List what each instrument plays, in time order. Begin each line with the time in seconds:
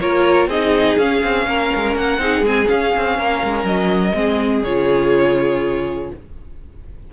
0.00 cello A#3, viola F4, violin A#4 C#5
0.47 cello C4, viola D#4, violin G#4 D#5
0.97 cello C#4, viola C#4, violin F5
1.23 cello C4
1.46 cello A#3, violin A#4
1.75 cello G#3
1.95 cello A#3, violin F#5
2.18 cello C4, viola D#4, violin G#4
2.41 cello G#3, viola C4, violin G#5
2.65 viola C#4, cello C#4, violin F5
2.96 cello C4
3.18 cello A#3, violin A#4
3.43 cello G#3
3.63 cello F#3, violin D#5
4.14 cello G#3, viola C4, violin G#4
4.63 cello C#3, viola F4, violin C#5